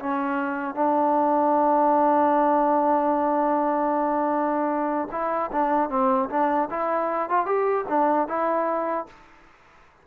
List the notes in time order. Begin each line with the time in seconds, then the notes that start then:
0.00 C#4
0.75 D4
5.12 E4
5.52 D4
5.90 C4
6.30 D4
6.71 E4
7.30 F4
7.46 G4
7.89 D4
8.28 E4